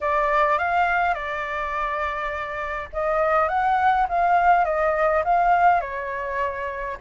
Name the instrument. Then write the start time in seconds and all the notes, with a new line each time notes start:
flute
0.00 D5
0.58 F5
1.14 D5
2.92 D#5
3.48 F#5
4.09 F5
4.64 D#5
5.24 F5
5.81 C#5